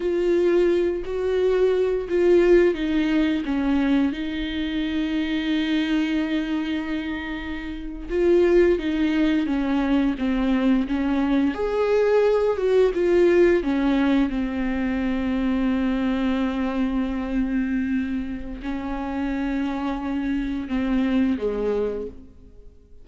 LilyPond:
\new Staff \with { instrumentName = "viola" } { \time 4/4 \tempo 4 = 87 f'4. fis'4. f'4 | dis'4 cis'4 dis'2~ | dis'2.~ dis'8. f'16~ | f'8. dis'4 cis'4 c'4 cis'16~ |
cis'8. gis'4. fis'8 f'4 cis'16~ | cis'8. c'2.~ c'16~ | c'2. cis'4~ | cis'2 c'4 gis4 | }